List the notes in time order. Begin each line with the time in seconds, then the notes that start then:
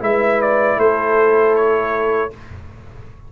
0.00 G#3 E4 B4 E5
0.42 D5
0.78 A3 A4 C5
1.56 C#5